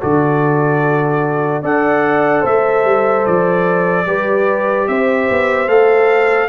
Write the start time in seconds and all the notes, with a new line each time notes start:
0.00 D3 F#4 A4 D5
1.62 D4 A4 D5 F#5
2.41 A3 C5 E5
2.84 G3
3.26 F3 D5
4.06 G3 G4 B4
4.88 C4 C5 E5
5.30 B3
5.67 A3 A4 F5